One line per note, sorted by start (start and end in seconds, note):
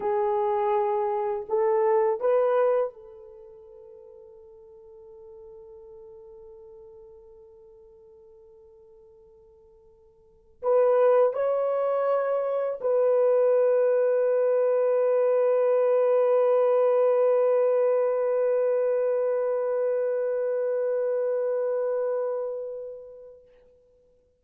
0.00 1.46 G#4
1.48 2.20 A4
2.20 2.93 B4
2.93 10.61 A4
10.62 11.33 B4
11.33 12.79 C#5
12.80 23.41 B4